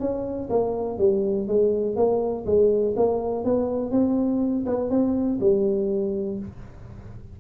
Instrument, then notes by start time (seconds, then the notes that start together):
tuba
0.00 C#4
0.49 A#3
0.99 G3
1.48 G#3
1.96 A#3
2.46 G#3
2.96 A#3
3.44 B3
3.91 C4
4.66 B3
4.90 C4
5.40 G3